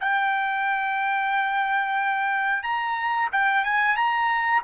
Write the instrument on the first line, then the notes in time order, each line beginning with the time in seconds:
trumpet
0.00 G5
2.63 A#5
3.32 G5
3.64 G#5
3.96 A#5